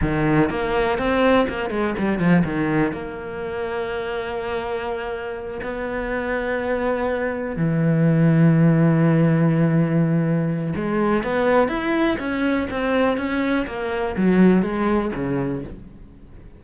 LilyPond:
\new Staff \with { instrumentName = "cello" } { \time 4/4 \tempo 4 = 123 dis4 ais4 c'4 ais8 gis8 | g8 f8 dis4 ais2~ | ais2.~ ais8 b8~ | b2.~ b8 e8~ |
e1~ | e2 gis4 b4 | e'4 cis'4 c'4 cis'4 | ais4 fis4 gis4 cis4 | }